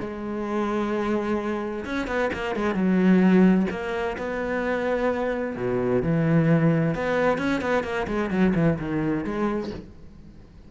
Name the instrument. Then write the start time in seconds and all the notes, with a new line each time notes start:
cello
0.00 G#3
1.85 C#4
2.07 B3
2.33 A#3
2.56 G#3
2.74 F#3
3.70 A#3
4.18 B3
5.56 B2
6.02 E3
6.95 B3
7.38 C#4
7.61 B3
7.84 A#3
8.07 G#3
8.30 F#3
8.55 E3
8.79 D#3
9.24 G#3